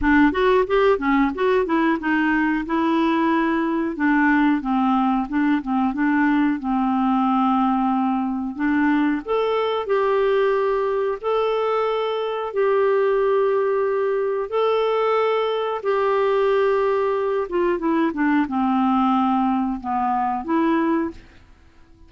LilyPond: \new Staff \with { instrumentName = "clarinet" } { \time 4/4 \tempo 4 = 91 d'8 fis'8 g'8 cis'8 fis'8 e'8 dis'4 | e'2 d'4 c'4 | d'8 c'8 d'4 c'2~ | c'4 d'4 a'4 g'4~ |
g'4 a'2 g'4~ | g'2 a'2 | g'2~ g'8 f'8 e'8 d'8 | c'2 b4 e'4 | }